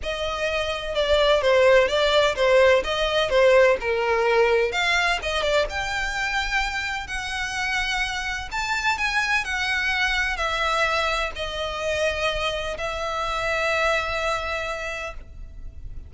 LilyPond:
\new Staff \with { instrumentName = "violin" } { \time 4/4 \tempo 4 = 127 dis''2 d''4 c''4 | d''4 c''4 dis''4 c''4 | ais'2 f''4 dis''8 d''8 | g''2. fis''4~ |
fis''2 a''4 gis''4 | fis''2 e''2 | dis''2. e''4~ | e''1 | }